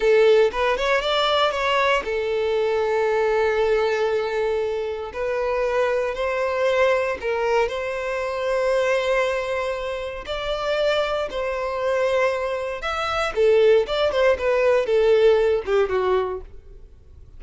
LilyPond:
\new Staff \with { instrumentName = "violin" } { \time 4/4 \tempo 4 = 117 a'4 b'8 cis''8 d''4 cis''4 | a'1~ | a'2 b'2 | c''2 ais'4 c''4~ |
c''1 | d''2 c''2~ | c''4 e''4 a'4 d''8 c''8 | b'4 a'4. g'8 fis'4 | }